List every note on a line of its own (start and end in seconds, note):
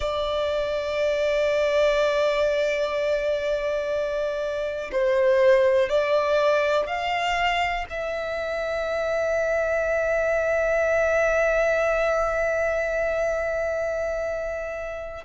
0.00 4.90 D5
4.92 5.89 C5
5.89 6.86 D5
6.86 7.85 F5
7.89 15.24 E5